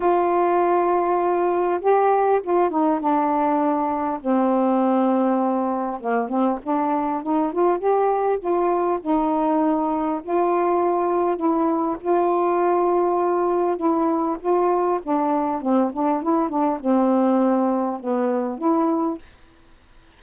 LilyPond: \new Staff \with { instrumentName = "saxophone" } { \time 4/4 \tempo 4 = 100 f'2. g'4 | f'8 dis'8 d'2 c'4~ | c'2 ais8 c'8 d'4 | dis'8 f'8 g'4 f'4 dis'4~ |
dis'4 f'2 e'4 | f'2. e'4 | f'4 d'4 c'8 d'8 e'8 d'8 | c'2 b4 e'4 | }